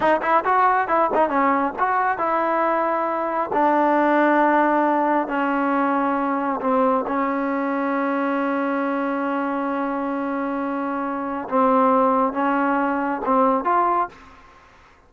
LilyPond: \new Staff \with { instrumentName = "trombone" } { \time 4/4 \tempo 4 = 136 dis'8 e'8 fis'4 e'8 dis'8 cis'4 | fis'4 e'2. | d'1 | cis'2. c'4 |
cis'1~ | cis'1~ | cis'2 c'2 | cis'2 c'4 f'4 | }